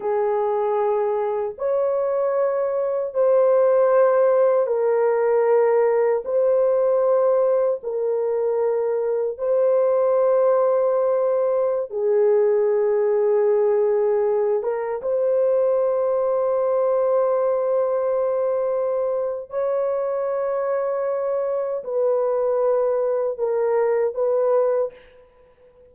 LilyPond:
\new Staff \with { instrumentName = "horn" } { \time 4/4 \tempo 4 = 77 gis'2 cis''2 | c''2 ais'2 | c''2 ais'2 | c''2.~ c''16 gis'8.~ |
gis'2~ gis'8. ais'8 c''8.~ | c''1~ | c''4 cis''2. | b'2 ais'4 b'4 | }